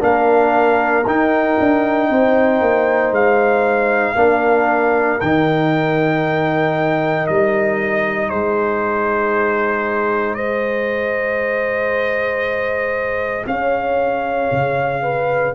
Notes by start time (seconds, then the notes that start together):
0.00 A#3 D4 A#4 F5
1.06 D#4 G5
1.59 D4
2.09 C4 C5
2.61 A#3
3.11 G#3 F5
4.16 A#3 D4 A#4
5.20 D#3 D#4 G5
7.27 G3 D#5
8.29 G#3 G#4 C5
10.34 G#4 C5 D#5
13.47 C#4 C#5 F5
14.52 C#3
15.03 B4